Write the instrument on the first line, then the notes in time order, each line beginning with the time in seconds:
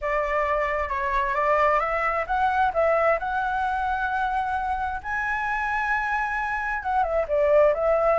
flute
0.01 D5
0.88 C#5
1.34 D5
1.79 E5
2.26 F#5
2.73 E5
3.19 F#5
5.02 G#5
6.83 F#5
7.03 E5
7.27 D5
7.74 E5